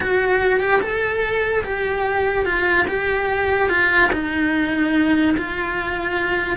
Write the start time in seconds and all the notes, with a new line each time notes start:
0.00 F#4
0.59 G4
0.81 A4
1.64 G4
2.45 F4
2.87 G4
3.69 F4
4.12 D#4
5.37 F4